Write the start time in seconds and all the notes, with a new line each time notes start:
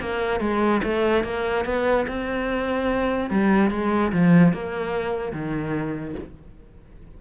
0.00 A#3
0.40 G#3
0.83 A3
1.24 A#3
1.65 B3
2.08 C4
3.30 G3
3.71 G#3
4.12 F3
4.53 A#3
5.32 D#3